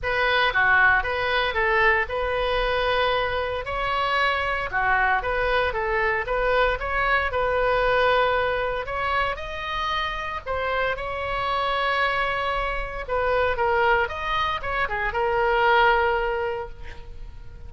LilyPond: \new Staff \with { instrumentName = "oboe" } { \time 4/4 \tempo 4 = 115 b'4 fis'4 b'4 a'4 | b'2. cis''4~ | cis''4 fis'4 b'4 a'4 | b'4 cis''4 b'2~ |
b'4 cis''4 dis''2 | c''4 cis''2.~ | cis''4 b'4 ais'4 dis''4 | cis''8 gis'8 ais'2. | }